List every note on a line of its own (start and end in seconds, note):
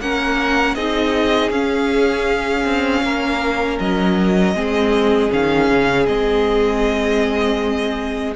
0.00 0.76 A#3
0.00 0.77 C#4
0.00 0.76 A#4
0.00 0.75 F#5
0.75 1.51 C4
0.75 1.52 D#4
0.75 3.04 G#4
0.75 1.51 D#5
1.51 2.65 C#4
1.51 4.56 C#4
1.51 3.79 F5
2.65 3.03 C4
3.03 3.79 A#3
3.03 4.56 A#4
3.80 4.55 F#3
3.80 5.32 D#5
4.55 5.31 G#3
4.55 5.30 C4
4.55 8.35 G#4
5.30 5.70 D#3
5.30 6.06 C#4
5.30 6.06 F5
5.70 6.08 C#3
6.06 8.36 G#3
6.06 8.35 C4
6.06 8.34 D#5